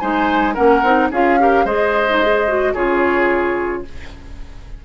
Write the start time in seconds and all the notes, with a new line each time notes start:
0.00 G#3 D#4 C5 G#5
0.54 A#3 C#4 A#4 F#5
0.83 C4 D#4
1.12 C#4 F4 G#4 F5
1.40 G4 A#4
1.65 G#3 G#4 C5 D#5
2.10 D#4
2.23 G#4
2.49 F#4
2.74 C#3 F4 G#4 C#5